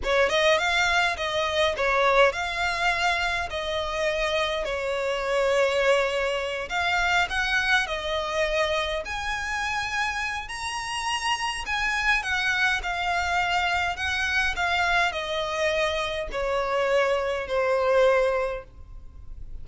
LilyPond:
\new Staff \with { instrumentName = "violin" } { \time 4/4 \tempo 4 = 103 cis''8 dis''8 f''4 dis''4 cis''4 | f''2 dis''2 | cis''2.~ cis''8 f''8~ | f''8 fis''4 dis''2 gis''8~ |
gis''2 ais''2 | gis''4 fis''4 f''2 | fis''4 f''4 dis''2 | cis''2 c''2 | }